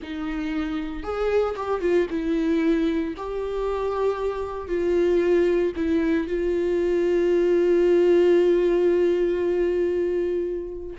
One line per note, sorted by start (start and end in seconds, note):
0.02 1.03 D#4
1.03 1.55 G#4
1.56 1.80 G4
1.80 2.07 F4
2.10 3.14 E4
3.17 4.68 G4
4.68 5.72 F4
5.76 6.27 E4
6.27 10.96 F4